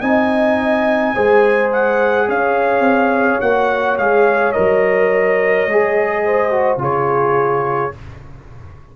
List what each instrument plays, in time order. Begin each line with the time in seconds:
0.00 tuba C4, trombone D#4, horn D#5, trumpet G#5
1.14 tuba G#3, trombone G#4, horn C5
1.72 trumpet F#5
2.28 tuba C#4, horn C#5, trumpet F5
2.79 tuba C4
3.40 tuba A#3, trombone F#4, trumpet F#5
3.97 tuba G#3, trombone G#4, trumpet F5
4.52 tuba F#3, trombone A#4, trumpet D#5
5.66 tuba G#3, trombone G#4
6.25 horn C5
6.51 trombone F#4
6.76 tuba C#3, trombone F4, horn G#4
6.83 trumpet C#5